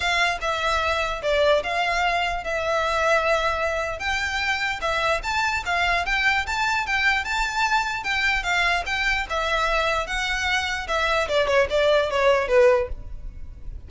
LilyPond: \new Staff \with { instrumentName = "violin" } { \time 4/4 \tempo 4 = 149 f''4 e''2 d''4 | f''2 e''2~ | e''2 g''2 | e''4 a''4 f''4 g''4 |
a''4 g''4 a''2 | g''4 f''4 g''4 e''4~ | e''4 fis''2 e''4 | d''8 cis''8 d''4 cis''4 b'4 | }